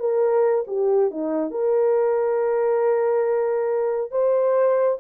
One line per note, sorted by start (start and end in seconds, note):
0.00 0.65 A#4
0.68 1.11 G4
1.11 1.51 D#4
1.51 4.12 A#4
4.12 4.99 C5